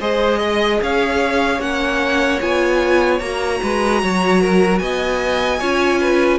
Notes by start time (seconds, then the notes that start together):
0.00 G#3 G#4 C5 D#5
0.38 D#5
0.82 C#4 C#5 F5
1.59 A#3 C#4 F#5
2.40 B3 F4 G#5
3.19 A#3 F#4 A#5
3.62 G#3 B4
4.02 F#3 C#5
4.41 A#4
4.78 B3 D#5 G#5
5.59 C#4 F4 C#5
6.00 B4